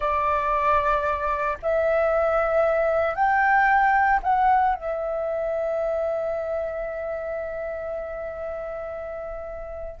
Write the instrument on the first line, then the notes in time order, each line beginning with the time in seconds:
flute
0.00 D5
1.62 E5
3.14 G5
4.22 F#5
4.75 E5